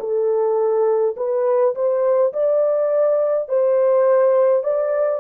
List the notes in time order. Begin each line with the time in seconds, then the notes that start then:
0.00 A4
1.16 B4
1.75 C5
2.33 D5
3.49 C5
4.63 D5